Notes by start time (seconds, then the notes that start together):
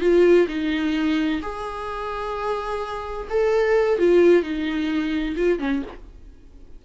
0.00 F4
0.48 D#4
1.41 G#4
3.30 A4
3.98 F4
4.42 D#4
5.36 F4
5.59 C#4